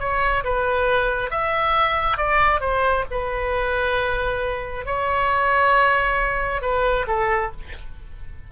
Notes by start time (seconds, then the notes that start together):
0.00 C#5
0.45 B4
1.31 E5
2.18 D5
2.61 C5
3.11 B4
4.86 C#5
6.62 B4
7.08 A4